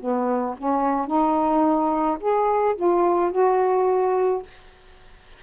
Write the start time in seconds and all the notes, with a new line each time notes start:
0.00 B3
0.58 C#4
1.07 D#4
2.21 G#4
2.76 F4
3.32 F#4